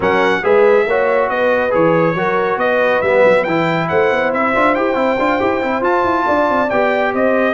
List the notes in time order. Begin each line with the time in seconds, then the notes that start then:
0.00 F#3 C#4 A#4 F#5
0.42 G#3 G#4 B4 E5
0.86 A#3 F#4 C#5
1.29 B3 B4 D#5
1.70 E3 G#4 C#5
2.14 F#3 F#4 A#4
2.57 B3 B4 D#5
3.01 G3 B3 E5
3.24 F#3
3.44 E3 E4 G5
3.88 A3 C5 F#5
4.11 B3
4.32 C4 E5
4.54 D4 F4
4.75 E4 G4 G5
4.94 C4 E4
5.18 D4 F4
5.40 E4 G4
5.62 C4 E4
5.81 F4 A5
6.03 E4
6.26 D4 D5
6.49 C4
6.69 B3 G4 G5
7.12 C4 C5 D#5